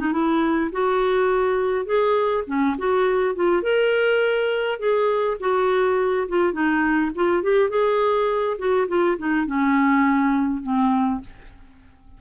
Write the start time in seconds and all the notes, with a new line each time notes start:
0.00 D#4
0.13 E4
0.72 F#4
1.86 G#4
2.47 C#4
2.79 F#4
3.35 F4
3.63 A#4
4.80 G#4
5.40 F#4
6.29 F4
6.53 D#4
7.15 F4
7.43 G4
7.70 G#4
8.59 F#4
8.88 F4
9.18 D#4
9.47 C#4
10.63 C4